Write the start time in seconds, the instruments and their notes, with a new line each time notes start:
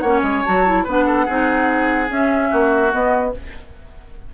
0.00 bassoon A#3, clarinet C#4, oboe C#5, flute F#5
0.22 bassoon G#3, flute G#5
0.45 bassoon F#3, clarinet F#4, flute A5
0.66 clarinet E4
0.84 bassoon B3, clarinet D4, oboe B4, flute F#5
1.06 oboe A4
1.26 bassoon C4, clarinet D#4, oboe G#4
2.09 clarinet C#4, bassoon C#4, flute E5
2.50 bassoon A#3, oboe F#4
2.91 clarinet B3, bassoon B3, flute D#5